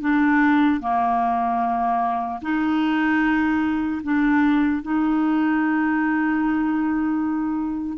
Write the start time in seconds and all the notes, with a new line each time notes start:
0.00 D4
0.80 A#3
2.41 D#4
4.03 D4
4.82 D#4